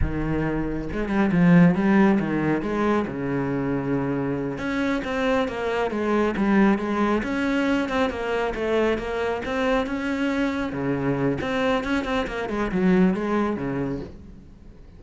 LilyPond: \new Staff \with { instrumentName = "cello" } { \time 4/4 \tempo 4 = 137 dis2 gis8 g8 f4 | g4 dis4 gis4 cis4~ | cis2~ cis8 cis'4 c'8~ | c'8 ais4 gis4 g4 gis8~ |
gis8 cis'4. c'8 ais4 a8~ | a8 ais4 c'4 cis'4.~ | cis'8 cis4. c'4 cis'8 c'8 | ais8 gis8 fis4 gis4 cis4 | }